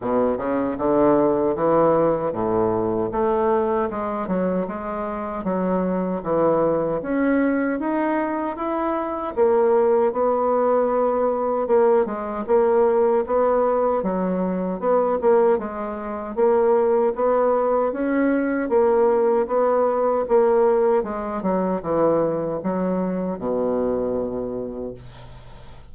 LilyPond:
\new Staff \with { instrumentName = "bassoon" } { \time 4/4 \tempo 4 = 77 b,8 cis8 d4 e4 a,4 | a4 gis8 fis8 gis4 fis4 | e4 cis'4 dis'4 e'4 | ais4 b2 ais8 gis8 |
ais4 b4 fis4 b8 ais8 | gis4 ais4 b4 cis'4 | ais4 b4 ais4 gis8 fis8 | e4 fis4 b,2 | }